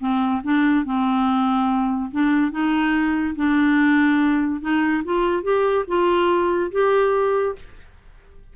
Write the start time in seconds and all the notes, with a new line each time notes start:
0.00 C4
0.44 D4
0.85 C4
2.12 D4
2.52 D#4
3.36 D4
4.61 D#4
5.04 F4
5.43 G4
5.88 F4
6.72 G4